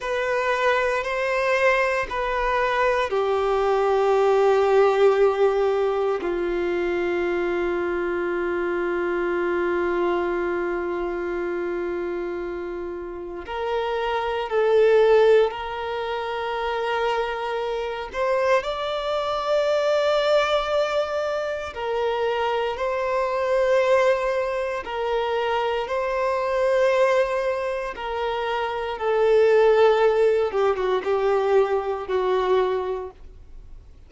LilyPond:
\new Staff \with { instrumentName = "violin" } { \time 4/4 \tempo 4 = 58 b'4 c''4 b'4 g'4~ | g'2 f'2~ | f'1~ | f'4 ais'4 a'4 ais'4~ |
ais'4. c''8 d''2~ | d''4 ais'4 c''2 | ais'4 c''2 ais'4 | a'4. g'16 fis'16 g'4 fis'4 | }